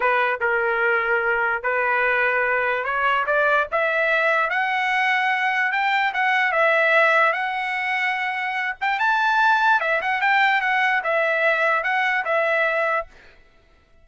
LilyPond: \new Staff \with { instrumentName = "trumpet" } { \time 4/4 \tempo 4 = 147 b'4 ais'2. | b'2. cis''4 | d''4 e''2 fis''4~ | fis''2 g''4 fis''4 |
e''2 fis''2~ | fis''4. g''8 a''2 | e''8 fis''8 g''4 fis''4 e''4~ | e''4 fis''4 e''2 | }